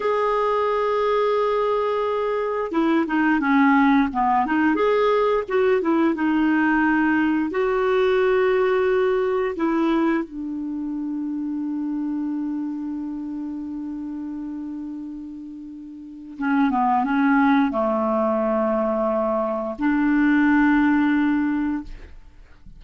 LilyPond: \new Staff \with { instrumentName = "clarinet" } { \time 4/4 \tempo 4 = 88 gis'1 | e'8 dis'8 cis'4 b8 dis'8 gis'4 | fis'8 e'8 dis'2 fis'4~ | fis'2 e'4 d'4~ |
d'1~ | d'1 | cis'8 b8 cis'4 a2~ | a4 d'2. | }